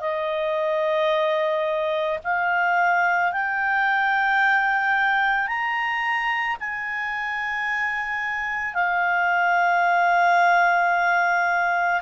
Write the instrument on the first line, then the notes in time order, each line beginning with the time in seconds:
clarinet
0.00 D#5
2.24 F5
3.32 G5
5.47 A#5
6.60 G#5
8.74 F5